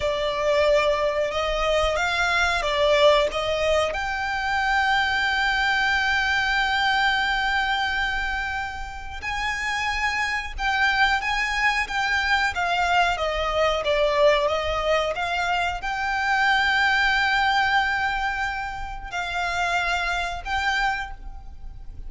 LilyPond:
\new Staff \with { instrumentName = "violin" } { \time 4/4 \tempo 4 = 91 d''2 dis''4 f''4 | d''4 dis''4 g''2~ | g''1~ | g''2 gis''2 |
g''4 gis''4 g''4 f''4 | dis''4 d''4 dis''4 f''4 | g''1~ | g''4 f''2 g''4 | }